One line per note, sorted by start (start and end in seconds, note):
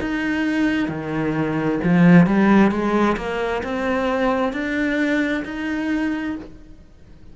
0.00 0.88 D#4
0.88 1.79 D#3
1.83 2.26 F3
2.26 2.71 G3
2.71 3.16 G#3
3.17 3.62 A#3
3.63 4.52 C4
4.52 5.43 D4
5.45 6.36 D#4